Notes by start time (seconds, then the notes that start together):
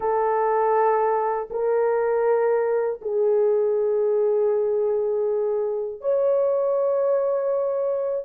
0.00 A4
1.50 A#4
3.01 G#4
6.00 C#5